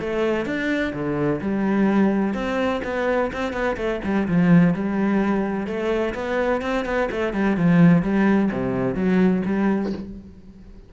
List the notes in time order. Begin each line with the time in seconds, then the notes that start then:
0.00 A3
0.46 D4
0.93 D3
1.41 G3
2.34 C4
2.84 B3
3.33 C4
3.53 B3
3.77 A3
4.04 G3
4.28 F3
4.74 G3
5.67 A3
6.15 B3
6.62 C4
6.85 B3
7.11 A3
7.33 G3
7.57 F3
8.03 G3
8.52 C3
8.95 F#3
9.46 G3